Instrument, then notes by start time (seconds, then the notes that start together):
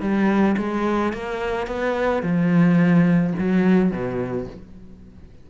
cello
0.00 G3
0.57 G#3
1.13 A#3
1.67 B3
2.22 F3
3.38 F#3
3.91 B2